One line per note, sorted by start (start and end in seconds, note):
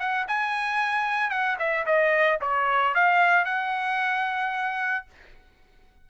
0.00 0.27 F#5
0.28 1.31 G#5
1.31 1.57 F#5
1.59 1.86 E5
1.86 2.40 D#5
2.42 2.95 C#5
2.95 3.46 F5
3.46 5.06 F#5